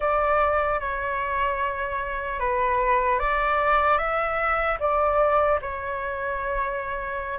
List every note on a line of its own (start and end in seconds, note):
0.00 0.80 D5
0.80 2.39 C#5
2.39 3.19 B4
3.19 3.97 D5
3.97 4.77 E5
4.79 5.59 D5
5.61 7.38 C#5